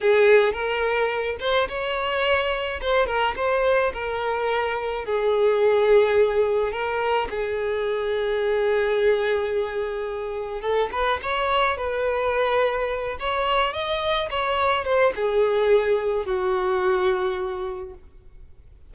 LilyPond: \new Staff \with { instrumentName = "violin" } { \time 4/4 \tempo 4 = 107 gis'4 ais'4. c''8 cis''4~ | cis''4 c''8 ais'8 c''4 ais'4~ | ais'4 gis'2. | ais'4 gis'2.~ |
gis'2. a'8 b'8 | cis''4 b'2~ b'8 cis''8~ | cis''8 dis''4 cis''4 c''8 gis'4~ | gis'4 fis'2. | }